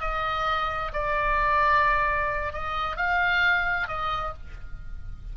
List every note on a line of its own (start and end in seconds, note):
0.00 0.92 D#5
0.93 2.53 D5
2.53 2.96 D#5
2.96 3.87 F5
3.87 4.33 D#5